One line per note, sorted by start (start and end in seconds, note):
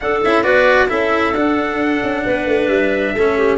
0.00 0.24 D4
0.00 0.25 D4
0.00 0.44 A4
0.00 0.21 F#5
0.24 0.46 C#4
0.24 0.43 E4
0.24 0.43 E5
0.43 0.90 B3
0.43 0.88 F#4
0.43 0.88 B4
0.43 0.88 D5
0.88 1.33 C#4
0.88 1.33 E4
0.88 2.23 A4
0.88 1.33 E5
1.33 2.00 D4
1.33 3.15 D4
1.33 2.68 F#5
2.03 2.25 C#4
2.25 2.46 B3
2.25 3.14 B4
2.46 2.68 A3
2.68 3.12 G3
2.68 3.57 E5
3.13 3.57 A3
3.13 3.57 C#4
3.13 3.37 A4
3.37 3.57 G4